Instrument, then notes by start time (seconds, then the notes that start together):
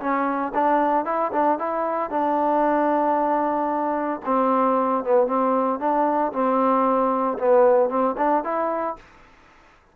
trombone
0.00 C#4
0.54 D4
1.05 E4
1.33 D4
1.59 E4
2.10 D4
4.25 C4
5.04 B3
5.27 C4
5.79 D4
6.33 C4
7.39 B3
7.89 C4
8.18 D4
8.44 E4